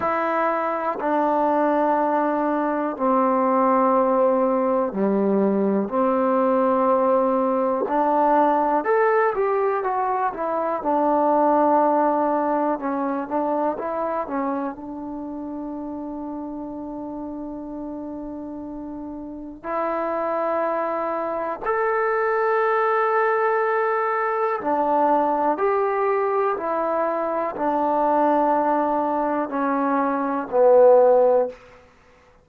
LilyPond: \new Staff \with { instrumentName = "trombone" } { \time 4/4 \tempo 4 = 61 e'4 d'2 c'4~ | c'4 g4 c'2 | d'4 a'8 g'8 fis'8 e'8 d'4~ | d'4 cis'8 d'8 e'8 cis'8 d'4~ |
d'1 | e'2 a'2~ | a'4 d'4 g'4 e'4 | d'2 cis'4 b4 | }